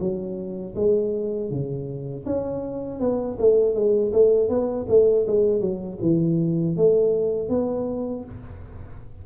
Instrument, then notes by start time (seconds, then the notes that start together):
tuba
0.00 F#3
0.76 G#3
1.50 C#3
2.26 C#4
3.00 B3
3.40 A3
3.75 G#3
4.13 A3
4.49 B3
4.89 A3
5.27 G#3
5.61 F#3
6.02 E3
6.77 A3
7.49 B3